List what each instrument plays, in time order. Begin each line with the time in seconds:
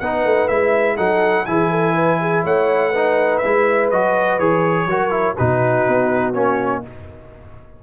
0.00 tuba B3, trombone D#4, horn B4, trumpet F#5
0.25 tuba A3
0.48 tuba G#3, trombone E4, trumpet E5
0.96 tuba F#3, trombone D#4, horn A4, trumpet F#5
1.46 tuba E3, trombone E4, horn G#4, trumpet G#5
1.71 horn A4
1.94 horn B4
2.21 horn G#4
2.45 tuba A3, horn C#5, trumpet F#5
2.91 trombone D#4, horn B4
3.38 tuba G#3, trombone E4, trumpet E5
3.91 tuba F#3, trombone F#4, trumpet D#5
4.39 tuba E3, trombone G#4, trumpet C#5
4.86 tuba F#3, trombone F#4, horn A#4
5.11 trombone E4
5.36 tuba B2, trombone D#4, horn F#4, trumpet B4
5.88 tuba B3
6.34 tuba A#3, trombone C#4, trumpet C#5